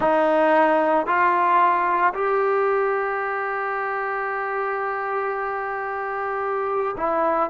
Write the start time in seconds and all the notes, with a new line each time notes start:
0.00 D#4
1.06 F4
2.14 G4
6.96 E4